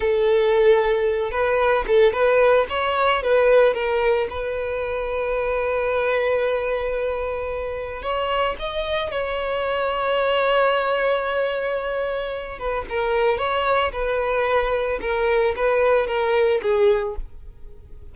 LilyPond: \new Staff \with { instrumentName = "violin" } { \time 4/4 \tempo 4 = 112 a'2~ a'8 b'4 a'8 | b'4 cis''4 b'4 ais'4 | b'1~ | b'2. cis''4 |
dis''4 cis''2.~ | cis''2.~ cis''8 b'8 | ais'4 cis''4 b'2 | ais'4 b'4 ais'4 gis'4 | }